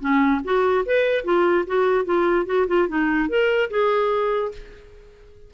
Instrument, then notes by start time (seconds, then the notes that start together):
clarinet
0.00 C#4
0.44 F#4
0.86 B4
1.24 F4
1.66 F#4
2.05 F4
2.46 F#4
2.67 F4
2.88 D#4
3.29 A#4
3.70 G#4